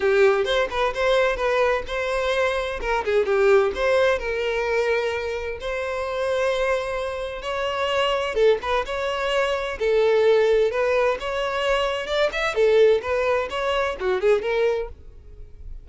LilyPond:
\new Staff \with { instrumentName = "violin" } { \time 4/4 \tempo 4 = 129 g'4 c''8 b'8 c''4 b'4 | c''2 ais'8 gis'8 g'4 | c''4 ais'2. | c''1 |
cis''2 a'8 b'8 cis''4~ | cis''4 a'2 b'4 | cis''2 d''8 e''8 a'4 | b'4 cis''4 fis'8 gis'8 ais'4 | }